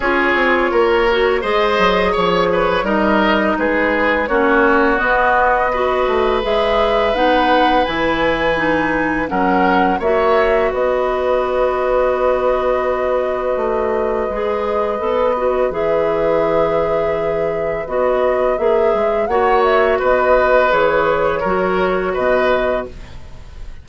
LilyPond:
<<
  \new Staff \with { instrumentName = "flute" } { \time 4/4 \tempo 4 = 84 cis''2 dis''4 cis''4 | dis''4 b'4 cis''4 dis''4~ | dis''4 e''4 fis''4 gis''4~ | gis''4 fis''4 e''4 dis''4~ |
dis''1~ | dis''2 e''2~ | e''4 dis''4 e''4 fis''8 e''8 | dis''4 cis''2 dis''4 | }
  \new Staff \with { instrumentName = "oboe" } { \time 4/4 gis'4 ais'4 c''4 cis''8 b'8 | ais'4 gis'4 fis'2 | b'1~ | b'4 ais'4 cis''4 b'4~ |
b'1~ | b'1~ | b'2. cis''4 | b'2 ais'4 b'4 | }
  \new Staff \with { instrumentName = "clarinet" } { \time 4/4 f'4. fis'8 gis'2 | dis'2 cis'4 b4 | fis'4 gis'4 dis'4 e'4 | dis'4 cis'4 fis'2~ |
fis'1 | gis'4 a'8 fis'8 gis'2~ | gis'4 fis'4 gis'4 fis'4~ | fis'4 gis'4 fis'2 | }
  \new Staff \with { instrumentName = "bassoon" } { \time 4/4 cis'8 c'8 ais4 gis8 fis8 f4 | g4 gis4 ais4 b4~ | b8 a8 gis4 b4 e4~ | e4 fis4 ais4 b4~ |
b2. a4 | gis4 b4 e2~ | e4 b4 ais8 gis8 ais4 | b4 e4 fis4 b,4 | }
>>